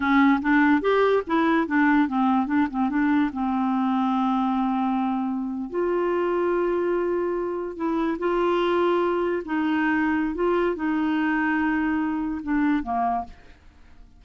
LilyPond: \new Staff \with { instrumentName = "clarinet" } { \time 4/4 \tempo 4 = 145 cis'4 d'4 g'4 e'4 | d'4 c'4 d'8 c'8 d'4 | c'1~ | c'4.~ c'16 f'2~ f'16~ |
f'2~ f'8. e'4 f'16~ | f'2~ f'8. dis'4~ dis'16~ | dis'4 f'4 dis'2~ | dis'2 d'4 ais4 | }